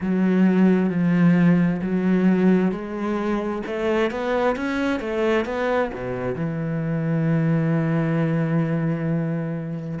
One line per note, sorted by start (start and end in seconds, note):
0.00 0.89 F#3
0.89 1.80 F3
1.81 2.71 F#3
2.71 3.62 G#3
3.66 4.10 A3
4.10 4.56 B3
4.56 5.00 C#4
5.00 5.45 A3
5.45 5.90 B3
5.94 6.35 B2
6.35 9.98 E3